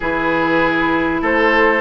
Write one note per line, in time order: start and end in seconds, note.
0.00 1.21 E3
0.00 1.81 E4
0.00 1.21 G#4
0.00 1.22 B4
1.21 1.81 A3
1.21 1.81 A4
1.21 1.81 C5